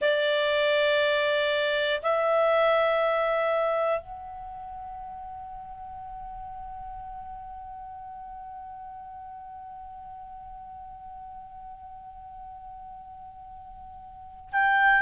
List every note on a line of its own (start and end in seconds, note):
0.01 2.01 D5
2.02 4.00 E5
4.00 14.50 F#5
14.52 15.01 G5